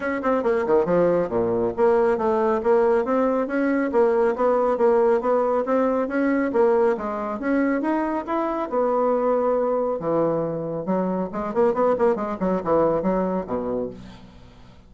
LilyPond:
\new Staff \with { instrumentName = "bassoon" } { \time 4/4 \tempo 4 = 138 cis'8 c'8 ais8 dis8 f4 ais,4 | ais4 a4 ais4 c'4 | cis'4 ais4 b4 ais4 | b4 c'4 cis'4 ais4 |
gis4 cis'4 dis'4 e'4 | b2. e4~ | e4 fis4 gis8 ais8 b8 ais8 | gis8 fis8 e4 fis4 b,4 | }